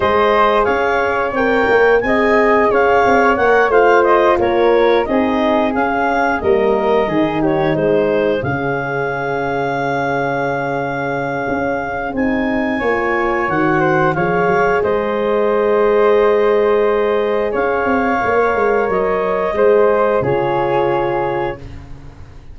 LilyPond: <<
  \new Staff \with { instrumentName = "clarinet" } { \time 4/4 \tempo 4 = 89 dis''4 f''4 g''4 gis''4 | f''4 fis''8 f''8 dis''8 cis''4 dis''8~ | dis''8 f''4 dis''4. cis''8 c''8~ | c''8 f''2.~ f''8~ |
f''2 gis''2 | fis''4 f''4 dis''2~ | dis''2 f''2 | dis''2 cis''2 | }
  \new Staff \with { instrumentName = "flute" } { \time 4/4 c''4 cis''2 dis''4 | cis''4. c''4 ais'4 gis'8~ | gis'4. ais'4 gis'8 g'8 gis'8~ | gis'1~ |
gis'2. cis''4~ | cis''8 c''8 cis''4 c''2~ | c''2 cis''2~ | cis''4 c''4 gis'2 | }
  \new Staff \with { instrumentName = "horn" } { \time 4/4 gis'2 ais'4 gis'4~ | gis'4 ais'8 f'2 dis'8~ | dis'8 cis'4 ais4 dis'4.~ | dis'8 cis'2.~ cis'8~ |
cis'2 dis'4 f'4 | fis'4 gis'2.~ | gis'2. ais'4~ | ais'4 gis'4 f'2 | }
  \new Staff \with { instrumentName = "tuba" } { \time 4/4 gis4 cis'4 c'8 ais8 c'4 | cis'8 c'8 ais8 a4 ais4 c'8~ | c'8 cis'4 g4 dis4 gis8~ | gis8 cis2.~ cis8~ |
cis4 cis'4 c'4 ais4 | dis4 f8 fis8 gis2~ | gis2 cis'8 c'8 ais8 gis8 | fis4 gis4 cis2 | }
>>